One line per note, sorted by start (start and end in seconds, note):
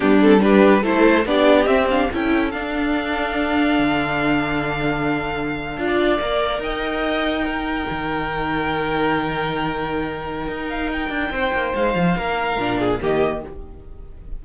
0.00 0.83 G3
0.00 0.20 B3
0.00 0.41 D4
0.00 0.21 G4
0.21 0.40 C4
0.21 0.42 A4
0.40 0.81 D4
0.40 0.81 G4
0.40 0.84 B4
0.81 1.25 A3
0.81 1.25 E4
0.81 1.23 A4
0.81 1.26 C5
1.25 1.66 B3
1.25 1.67 D4
1.25 2.11 G4
1.25 1.66 D5
1.66 2.08 C4
1.66 1.88 C4
1.66 1.87 E5
1.90 2.11 D4
1.90 2.11 F5
2.11 2.53 C#4
2.11 2.53 E4
2.11 5.87 A4
2.11 2.51 G5
2.51 3.78 D4
2.51 5.78 D4
2.51 6.60 F5
3.78 5.77 D3
5.77 6.19 D4
5.77 6.20 F4
5.87 6.60 D5
6.20 6.58 A#3
6.20 7.44 A#4
6.58 7.84 D#4
6.58 7.44 D#5
6.58 10.69 G5
7.44 12.58 D#4
7.44 11.32 A#4
7.90 10.47 D#3
10.47 11.09 D#4
10.69 10.90 F5
10.92 11.75 G5
11.09 11.30 D4
11.31 11.52 C4
11.31 12.17 C5
11.52 11.73 A#3
11.75 11.94 G#3
11.75 13.01 F5
11.94 12.15 F3
12.17 12.56 A#3
12.17 12.79 A#4
12.56 12.98 A#2
12.56 13.00 D4
12.79 13.00 G#4
13.01 13.44 D#3
13.01 13.43 A#3
13.01 13.43 G4
13.01 13.45 D#5